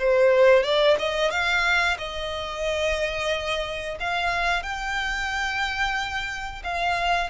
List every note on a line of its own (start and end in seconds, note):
0.00 0.64 C5
0.64 0.97 D5
0.99 1.31 D#5
1.31 1.98 F5
1.98 3.98 D#5
4.00 4.63 F5
4.63 6.63 G5
6.64 7.30 F5